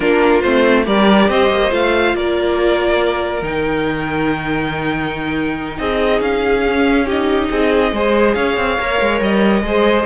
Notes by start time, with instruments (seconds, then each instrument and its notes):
0.00 cello A#3, viola D4, violin F4 A#4
0.41 cello A3, viola C4, violin C5
0.85 cello G3, viola G4, violin A#4 D5
1.28 cello C4, violin C5 D#5
1.50 cello A#3
1.70 cello A3, viola F4, violin F5
2.13 cello A#3, violin A#4 D5
3.42 cello D#3, viola D#4, violin G5
5.78 cello C4, violin G#4 D#5
6.20 cello C#4, violin F5
6.66 viola C#4
7.06 viola D#4, violin G4 D#5
7.50 cello C4, violin G#4
7.92 cello G#3, viola G#4, violin C5
8.34 cello C#4, violin C#5 F5
8.56 cello C4
8.79 cello A#3, viola A#4
9.01 cello G#3
9.21 cello G3, violin D#5
9.62 cello G#3, viola G#4, violin C5